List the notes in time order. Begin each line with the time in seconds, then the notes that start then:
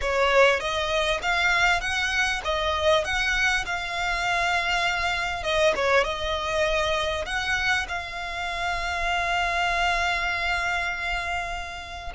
0.01 C#5
0.60 D#5
1.22 F5
1.80 F#5
2.44 D#5
3.04 F#5
3.65 F5
5.43 D#5
5.75 C#5
6.04 D#5
7.25 F#5
7.88 F5